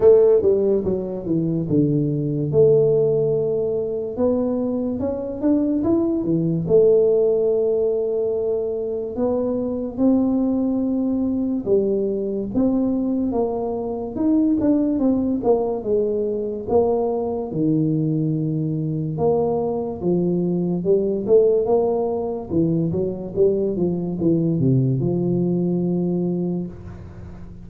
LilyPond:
\new Staff \with { instrumentName = "tuba" } { \time 4/4 \tempo 4 = 72 a8 g8 fis8 e8 d4 a4~ | a4 b4 cis'8 d'8 e'8 e8 | a2. b4 | c'2 g4 c'4 |
ais4 dis'8 d'8 c'8 ais8 gis4 | ais4 dis2 ais4 | f4 g8 a8 ais4 e8 fis8 | g8 f8 e8 c8 f2 | }